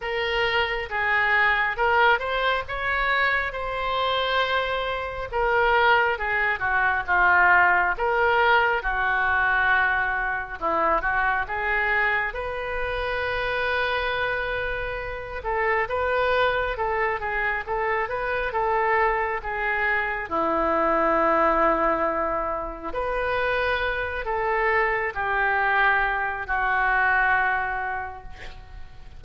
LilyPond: \new Staff \with { instrumentName = "oboe" } { \time 4/4 \tempo 4 = 68 ais'4 gis'4 ais'8 c''8 cis''4 | c''2 ais'4 gis'8 fis'8 | f'4 ais'4 fis'2 | e'8 fis'8 gis'4 b'2~ |
b'4. a'8 b'4 a'8 gis'8 | a'8 b'8 a'4 gis'4 e'4~ | e'2 b'4. a'8~ | a'8 g'4. fis'2 | }